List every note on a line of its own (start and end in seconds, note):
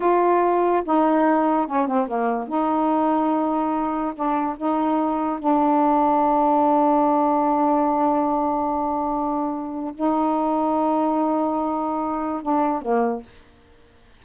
0.00 0.83 F4
0.85 1.66 D#4
1.66 1.87 C#4
1.87 2.07 C4
2.07 2.48 A#3
2.48 4.13 D#4
4.14 4.56 D4
4.57 5.39 D#4
5.39 9.94 D4
9.94 12.42 D#4
12.42 12.81 D4
12.81 13.23 A#3